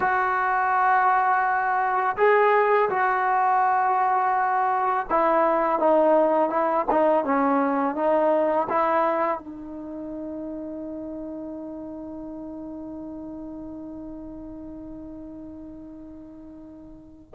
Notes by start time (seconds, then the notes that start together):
0.00 F#4
2.17 G#4
2.89 F#4
5.10 E4
5.79 D#4
6.49 E4
6.90 D#4
7.24 C#4
7.95 D#4
8.69 E4
9.38 D#4